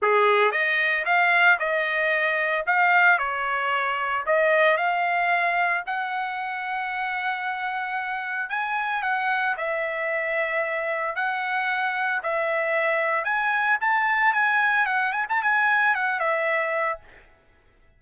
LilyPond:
\new Staff \with { instrumentName = "trumpet" } { \time 4/4 \tempo 4 = 113 gis'4 dis''4 f''4 dis''4~ | dis''4 f''4 cis''2 | dis''4 f''2 fis''4~ | fis''1 |
gis''4 fis''4 e''2~ | e''4 fis''2 e''4~ | e''4 gis''4 a''4 gis''4 | fis''8 gis''16 a''16 gis''4 fis''8 e''4. | }